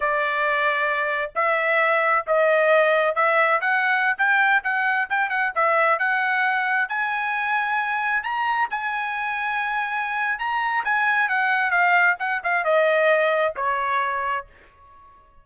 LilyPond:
\new Staff \with { instrumentName = "trumpet" } { \time 4/4 \tempo 4 = 133 d''2. e''4~ | e''4 dis''2 e''4 | fis''4~ fis''16 g''4 fis''4 g''8 fis''16~ | fis''16 e''4 fis''2 gis''8.~ |
gis''2~ gis''16 ais''4 gis''8.~ | gis''2. ais''4 | gis''4 fis''4 f''4 fis''8 f''8 | dis''2 cis''2 | }